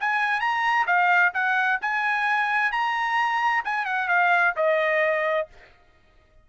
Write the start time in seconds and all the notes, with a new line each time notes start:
0.00 G#5
0.40 A#5
0.86 F5
1.33 F#5
1.81 G#5
2.71 A#5
3.64 G#5
3.85 F#5
4.08 F5
4.56 D#5